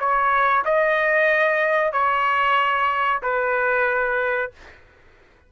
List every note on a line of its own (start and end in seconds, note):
0.00 0.65 C#5
0.65 1.93 D#5
1.93 3.22 C#5
3.23 4.52 B4